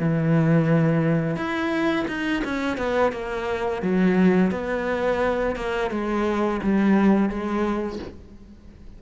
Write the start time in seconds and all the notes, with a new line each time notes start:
0.00 E3
1.37 E4
2.08 D#4
2.45 C#4
2.78 B3
3.13 A#3
3.83 F#3
4.52 B3
5.56 A#3
5.91 G#3
6.63 G3
7.30 G#3